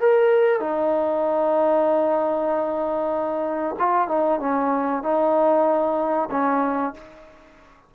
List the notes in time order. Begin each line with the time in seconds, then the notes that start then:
0.00 A#4
0.60 D#4
3.79 F4
4.08 D#4
4.39 C#4
5.03 D#4
6.31 C#4